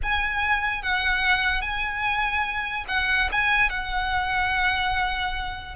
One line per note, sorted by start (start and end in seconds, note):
0.02 0.82 G#5
0.82 1.61 F#5
1.61 2.84 G#5
2.88 3.29 F#5
3.31 3.69 G#5
3.69 5.75 F#5